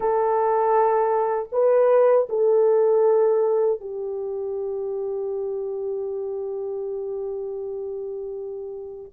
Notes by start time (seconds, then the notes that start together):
0.00 A4
1.52 B4
2.29 A4
3.80 G4